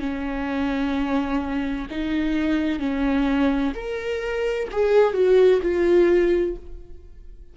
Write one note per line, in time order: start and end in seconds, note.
0.00 1.87 C#4
1.90 2.80 D#4
2.80 3.73 C#4
3.75 4.69 A#4
4.72 5.14 G#4
5.14 5.61 F#4
5.62 6.56 F4